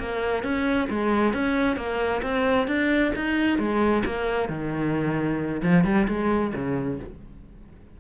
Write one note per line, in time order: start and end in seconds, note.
0.00 0.43 A#3
0.43 0.89 C#4
0.90 1.33 G#3
1.33 1.77 C#4
1.77 2.22 A#3
2.23 2.67 C4
2.67 3.13 D4
3.16 3.58 D#4
3.58 4.04 G#3
4.06 4.49 A#3
4.49 5.62 D#3
5.63 5.85 F3
5.85 6.07 G3
6.08 6.54 G#3
6.55 7.00 C#3